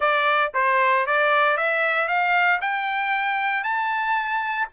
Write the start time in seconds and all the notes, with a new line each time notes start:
0.00 D5
0.54 C5
1.06 D5
1.57 E5
2.08 F5
2.61 G5
3.63 A5